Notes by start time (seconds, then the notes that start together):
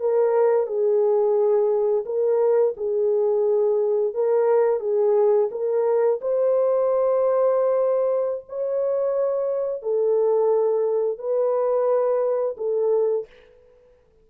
0.00 A#4
0.67 G#4
2.06 A#4
2.77 G#4
4.14 A#4
4.81 G#4
5.51 A#4
6.21 C5
8.49 C#5
9.83 A4
11.18 B4
12.58 A4